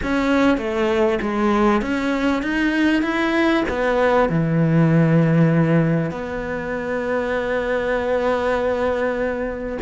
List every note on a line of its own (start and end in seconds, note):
0.03 0.57 C#4
0.57 1.19 A3
1.21 1.81 G#3
1.81 2.42 C#4
2.42 3.02 D#4
3.02 3.63 E4
3.68 4.29 B3
4.29 6.11 E3
6.11 9.78 B3